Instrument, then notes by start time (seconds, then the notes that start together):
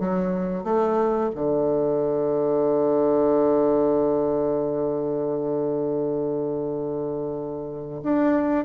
bassoon
0.00 F#3
0.65 A3
1.36 D3
8.04 D4